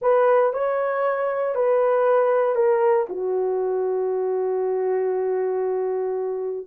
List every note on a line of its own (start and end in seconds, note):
0.01 0.53 B4
0.53 1.55 C#5
1.55 2.55 B4
2.55 3.06 A#4
3.09 6.66 F#4